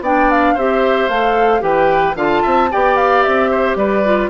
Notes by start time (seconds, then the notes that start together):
0.00 B3 D4 D5 G5
0.31 F5
0.54 C4 G4 C5 E5
1.08 A3 A4 F5
1.60 E3 G4 B4 G5
2.15 D3 F4 F5 A5
2.42 C4 E5
2.71 B3 G4 D5 G5
2.96 F5
3.22 C4 E5
3.50 C5
3.76 G3 B4 D5
4.05 F4